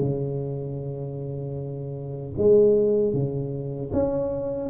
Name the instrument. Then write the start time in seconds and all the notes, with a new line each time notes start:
tuba
0.00 C#3
2.38 G#3
3.14 C#3
3.94 C#4